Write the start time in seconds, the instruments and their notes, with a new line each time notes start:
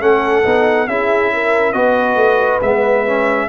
0.00 tuba A3, trombone C#4, horn A4, trumpet F#5
0.44 tuba B3, trombone D#4
0.87 tuba C#4, trombone E4, horn G#4, trumpet E5
1.33 horn A#4
1.72 tuba B3, trombone F#4, horn B4, trumpet D#5
2.15 tuba A3
2.62 tuba G#3, trombone B3, trumpet E5
3.06 trombone C#4